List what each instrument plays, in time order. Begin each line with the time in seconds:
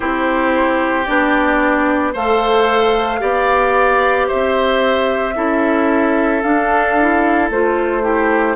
0.00 bassoon C4, clarinet E4, oboe G4, flute C5
1.05 bassoon B3, clarinet D4, flute D5
2.12 bassoon A3, clarinet A4, oboe C5, flute F5
3.19 bassoon B3, clarinet G4, oboe D5
4.27 bassoon C4, oboe C5, flute E5
5.34 bassoon C#4, clarinet E4, oboe A4
6.42 clarinet D4, bassoon D4, flute F5
7.00 clarinet E4
7.50 bassoon A3, clarinet F4, flute C5
8.01 clarinet E4, oboe G4